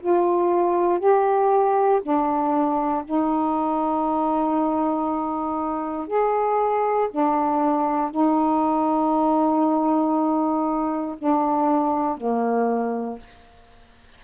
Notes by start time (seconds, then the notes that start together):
0.00 F4
0.99 G4
2.02 D4
3.05 D#4
6.07 G#4
7.10 D4
8.11 D#4
11.18 D4
12.17 A#3